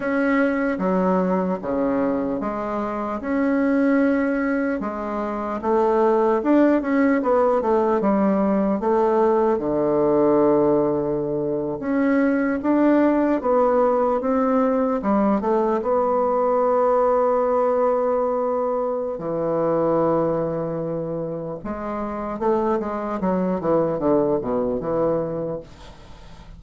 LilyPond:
\new Staff \with { instrumentName = "bassoon" } { \time 4/4 \tempo 4 = 75 cis'4 fis4 cis4 gis4 | cis'2 gis4 a4 | d'8 cis'8 b8 a8 g4 a4 | d2~ d8. cis'4 d'16~ |
d'8. b4 c'4 g8 a8 b16~ | b1 | e2. gis4 | a8 gis8 fis8 e8 d8 b,8 e4 | }